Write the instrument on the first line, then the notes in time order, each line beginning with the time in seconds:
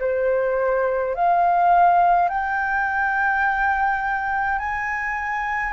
flute
0.00 C5
1.15 F5
2.29 G5
4.59 G#5